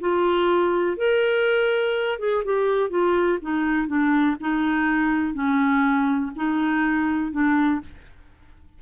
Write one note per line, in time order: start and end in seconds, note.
0.00 0.97 F4
0.97 2.19 A#4
2.19 2.43 G#4
2.44 2.90 G4
2.90 3.38 F4
3.42 3.87 D#4
3.87 4.36 D4
4.40 5.34 D#4
5.34 6.31 C#4
6.36 7.32 D#4
7.32 7.80 D4